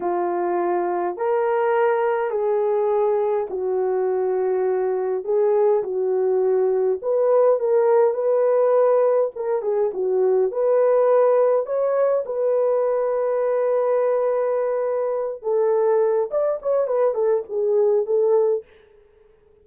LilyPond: \new Staff \with { instrumentName = "horn" } { \time 4/4 \tempo 4 = 103 f'2 ais'2 | gis'2 fis'2~ | fis'4 gis'4 fis'2 | b'4 ais'4 b'2 |
ais'8 gis'8 fis'4 b'2 | cis''4 b'2.~ | b'2~ b'8 a'4. | d''8 cis''8 b'8 a'8 gis'4 a'4 | }